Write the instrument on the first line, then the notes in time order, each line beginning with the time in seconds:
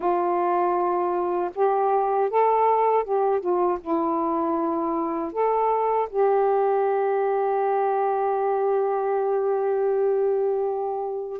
saxophone
0.00 F4
1.55 G4
2.30 A4
3.03 G4
3.40 F4
3.80 E4
5.32 A4
6.09 G4